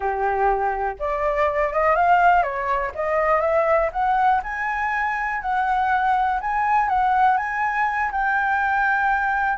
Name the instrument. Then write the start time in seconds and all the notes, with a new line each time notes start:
flute
0.00 G4
0.99 D5
1.73 D#5
1.95 F5
2.42 C#5
2.94 D#5
3.40 E5
3.92 F#5
4.43 G#5
5.41 F#5
6.40 G#5
6.89 F#5
7.37 G#5
8.11 G5